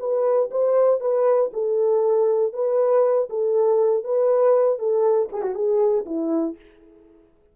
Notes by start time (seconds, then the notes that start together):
0.00 B4
0.51 C5
1.01 B4
1.53 A4
2.54 B4
3.30 A4
4.04 B4
4.79 A4
5.33 G#4
5.42 F#4
5.55 G#4
6.06 E4